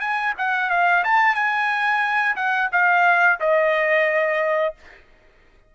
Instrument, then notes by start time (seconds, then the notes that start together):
trumpet
0.00 G#5
0.38 F#5
0.70 F5
1.04 A5
1.35 G#5
2.36 F#5
2.72 F5
3.40 D#5